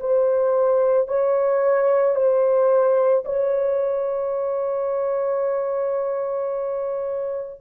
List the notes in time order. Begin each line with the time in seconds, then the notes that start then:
0.00 C5
1.08 C#5
2.15 C5
3.25 C#5